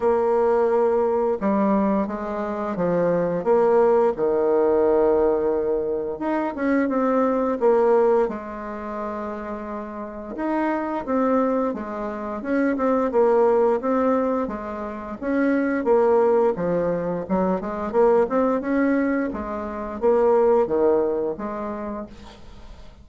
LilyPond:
\new Staff \with { instrumentName = "bassoon" } { \time 4/4 \tempo 4 = 87 ais2 g4 gis4 | f4 ais4 dis2~ | dis4 dis'8 cis'8 c'4 ais4 | gis2. dis'4 |
c'4 gis4 cis'8 c'8 ais4 | c'4 gis4 cis'4 ais4 | f4 fis8 gis8 ais8 c'8 cis'4 | gis4 ais4 dis4 gis4 | }